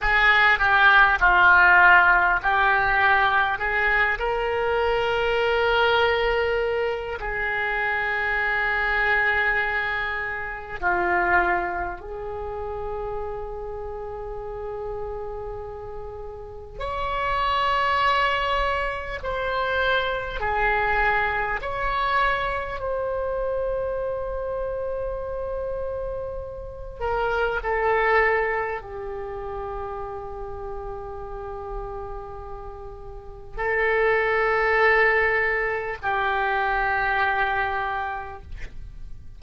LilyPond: \new Staff \with { instrumentName = "oboe" } { \time 4/4 \tempo 4 = 50 gis'8 g'8 f'4 g'4 gis'8 ais'8~ | ais'2 gis'2~ | gis'4 f'4 gis'2~ | gis'2 cis''2 |
c''4 gis'4 cis''4 c''4~ | c''2~ c''8 ais'8 a'4 | g'1 | a'2 g'2 | }